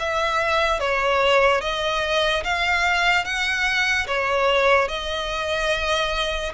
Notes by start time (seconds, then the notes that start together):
0.00 E5
0.80 C#5
1.61 D#5
2.44 F5
3.25 F#5
4.08 C#5
4.89 D#5